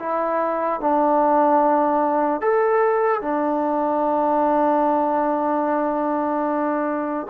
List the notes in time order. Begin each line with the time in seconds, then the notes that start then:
0.00 E4
0.81 D4
2.42 A4
3.22 D4